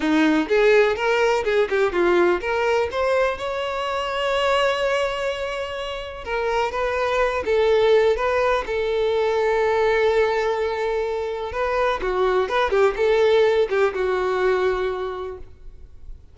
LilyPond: \new Staff \with { instrumentName = "violin" } { \time 4/4 \tempo 4 = 125 dis'4 gis'4 ais'4 gis'8 g'8 | f'4 ais'4 c''4 cis''4~ | cis''1~ | cis''4 ais'4 b'4. a'8~ |
a'4 b'4 a'2~ | a'1 | b'4 fis'4 b'8 g'8 a'4~ | a'8 g'8 fis'2. | }